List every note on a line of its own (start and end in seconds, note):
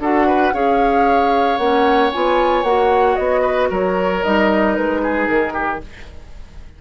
0.00 0.53 D4
0.00 0.54 F#4
0.00 0.27 A4
0.00 0.55 F#5
0.27 0.54 B4
0.54 1.59 C#4
0.54 1.59 G#4
0.54 3.42 C#5
0.54 1.58 F5
1.58 2.12 A#3
1.58 2.13 C#4
1.58 2.11 F#5
2.13 2.64 B3
2.13 2.66 F4
2.13 2.64 G#5
2.64 3.16 A#3
2.64 4.24 F#4
2.64 3.16 F#5
3.16 3.71 B3
3.16 3.69 D#5
3.42 3.69 B4
3.70 4.23 F#3
3.70 5.02 A#4
3.70 4.24 C#5
4.24 4.78 G3
4.24 5.82 D#4
4.24 4.75 D#5
4.75 5.28 G#3
4.75 5.28 B4
5.03 5.54 G#4
5.28 5.81 D#3
5.28 5.80 A#4
5.54 5.80 G4